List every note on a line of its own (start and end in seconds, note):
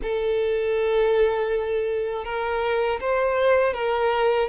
0.02 2.24 A4
2.24 2.99 A#4
3.00 3.73 C5
3.73 4.48 A#4